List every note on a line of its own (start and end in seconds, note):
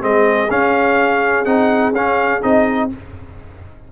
0.00 0.50 G#3
0.00 0.48 C4
0.00 2.91 G#4
0.00 0.50 D#5
0.49 1.45 C#4
0.49 1.45 F5
1.45 1.92 C4
1.45 1.93 D#4
1.45 1.92 F#5
1.92 2.40 C#4
1.92 2.41 C#4
1.92 2.42 F5
2.41 2.91 C4
2.41 2.89 D#4
2.41 2.89 D#5